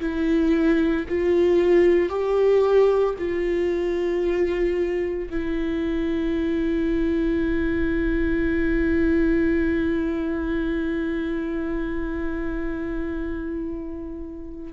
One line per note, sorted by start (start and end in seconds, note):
0.00 1.05 E4
1.08 2.09 F4
2.09 3.14 G4
3.18 5.29 F4
5.30 14.73 E4